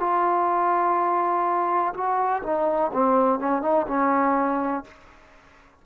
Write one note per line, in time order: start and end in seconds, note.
0.00 1.94 F4
1.94 2.42 F#4
2.43 2.91 D#4
2.93 3.40 C4
3.40 3.62 C#4
3.62 3.86 D#4
3.88 4.84 C#4